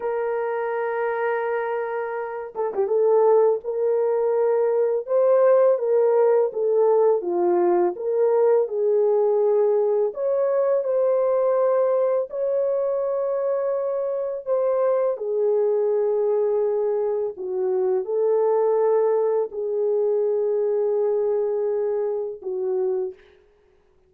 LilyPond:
\new Staff \with { instrumentName = "horn" } { \time 4/4 \tempo 4 = 83 ais'2.~ ais'8 a'16 g'16 | a'4 ais'2 c''4 | ais'4 a'4 f'4 ais'4 | gis'2 cis''4 c''4~ |
c''4 cis''2. | c''4 gis'2. | fis'4 a'2 gis'4~ | gis'2. fis'4 | }